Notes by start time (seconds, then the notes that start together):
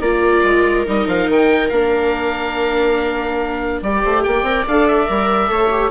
0.00 A#3 F4 A#4 D5
0.44 G#3
0.86 G3 D#4 D#5
1.07 F3 F5
1.29 D#3 G5
1.69 A#3 D4 F5
3.82 G3 G4 D5
4.03 A3 C5
4.24 A#3 D5 G5
4.43 C4 A#4
4.68 D4 A4 F5
4.88 E5
5.07 G3 A#4
5.48 A3 A4 C#5
5.71 G4